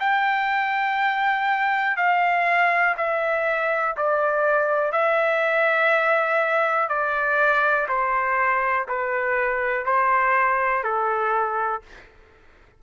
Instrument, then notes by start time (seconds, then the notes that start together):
trumpet
0.00 G5
1.97 F5
2.97 E5
3.97 D5
4.92 E5
6.89 D5
7.89 C5
8.88 B4
9.85 C5
10.84 A4